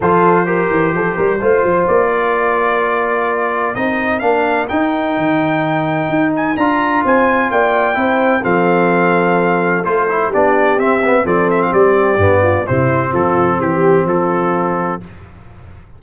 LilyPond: <<
  \new Staff \with { instrumentName = "trumpet" } { \time 4/4 \tempo 4 = 128 c''1 | d''1 | dis''4 f''4 g''2~ | g''4. gis''8 ais''4 gis''4 |
g''2 f''2~ | f''4 c''4 d''4 e''4 | d''8 e''16 f''16 d''2 c''4 | a'4 g'4 a'2 | }
  \new Staff \with { instrumentName = "horn" } { \time 4/4 a'4 ais'4 a'8 ais'8 c''4~ | c''8 ais'2.~ ais'8~ | ais'1~ | ais'2. c''4 |
d''4 c''4 a'2~ | a'2 g'2 | a'4 g'4. f'8 e'4 | f'4 g'4 f'2 | }
  \new Staff \with { instrumentName = "trombone" } { \time 4/4 f'4 g'2 f'4~ | f'1 | dis'4 d'4 dis'2~ | dis'2 f'2~ |
f'4 e'4 c'2~ | c'4 f'8 e'8 d'4 c'8 b8 | c'2 b4 c'4~ | c'1 | }
  \new Staff \with { instrumentName = "tuba" } { \time 4/4 f4. e8 f8 g8 a8 f8 | ais1 | c'4 ais4 dis'4 dis4~ | dis4 dis'4 d'4 c'4 |
ais4 c'4 f2~ | f4 a4 b4 c'4 | f4 g4 g,4 c4 | f4 e4 f2 | }
>>